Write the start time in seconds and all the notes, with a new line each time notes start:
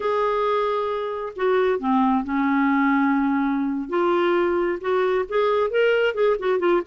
0.00 G#4
1.36 F#4
1.79 C4
2.24 C#4
3.89 F4
4.80 F#4
5.28 G#4
5.70 A#4
6.14 G#4
6.39 F#4
6.59 F4